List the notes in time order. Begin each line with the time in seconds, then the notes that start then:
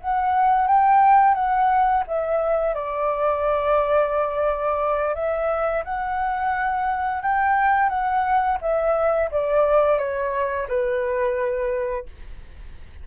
0.00 F#5
0.67 G5
1.34 F#5
2.07 E5
2.74 D5
5.14 E5
5.84 F#5
7.22 G5
7.89 F#5
8.61 E5
9.31 D5
9.98 C#5
10.68 B4